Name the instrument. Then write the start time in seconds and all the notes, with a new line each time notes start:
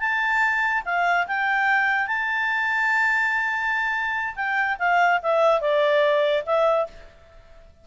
clarinet
0.00 A5
0.85 F5
1.27 G5
2.07 A5
4.36 G5
4.79 F5
5.22 E5
5.61 D5
6.46 E5